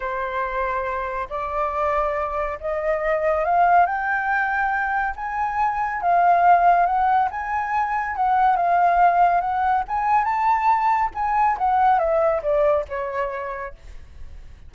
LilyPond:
\new Staff \with { instrumentName = "flute" } { \time 4/4 \tempo 4 = 140 c''2. d''4~ | d''2 dis''2 | f''4 g''2. | gis''2 f''2 |
fis''4 gis''2 fis''4 | f''2 fis''4 gis''4 | a''2 gis''4 fis''4 | e''4 d''4 cis''2 | }